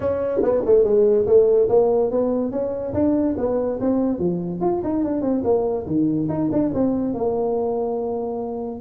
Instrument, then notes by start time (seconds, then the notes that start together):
tuba
0.00 C#4
0.42 B3
0.65 A3
0.84 G#3
1.26 A3
1.68 A#3
2.10 B3
2.51 C#4
2.93 D4
3.37 B3
3.80 C4
4.18 F3
4.61 F4
4.83 D#4
5.04 D4
5.21 C4
5.44 A#3
5.86 D#3
6.28 D#4
6.52 D4
6.74 C4
7.13 A#3